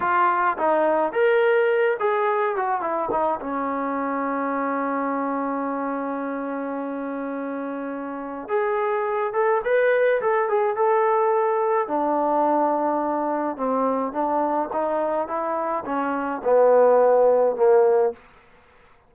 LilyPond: \new Staff \with { instrumentName = "trombone" } { \time 4/4 \tempo 4 = 106 f'4 dis'4 ais'4. gis'8~ | gis'8 fis'8 e'8 dis'8 cis'2~ | cis'1~ | cis'2. gis'4~ |
gis'8 a'8 b'4 a'8 gis'8 a'4~ | a'4 d'2. | c'4 d'4 dis'4 e'4 | cis'4 b2 ais4 | }